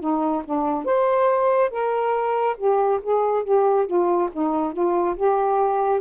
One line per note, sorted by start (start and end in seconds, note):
0.00 0.43 D#4
0.44 0.85 D4
0.85 1.70 C5
1.70 2.56 A#4
2.57 3.00 G4
3.02 3.43 G#4
3.43 3.86 G4
3.86 4.29 F4
4.32 4.73 D#4
4.73 5.15 F4
5.16 6.01 G4